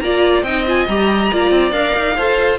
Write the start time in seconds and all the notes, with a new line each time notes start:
0.00 A#3 F4 D5 A#5
0.43 C4 D#4 D#5 G5
0.67 F4 G#5
0.88 G3 G4 A#5
1.31 A#3 F4 D5
1.51 C4
1.72 D4 A#4 F5
1.96 D#4
2.16 F4 A4 C5